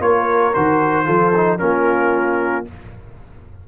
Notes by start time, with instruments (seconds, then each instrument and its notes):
0.00 tuba A#3, trombone F4, horn A#4, trumpet C#5
0.54 tuba D#3, trombone F#4, trumpet C5
1.05 tuba F3, trombone F4, horn A4
1.36 trombone D#4
1.59 tuba A#3, trombone C#4, horn F4, trumpet A#4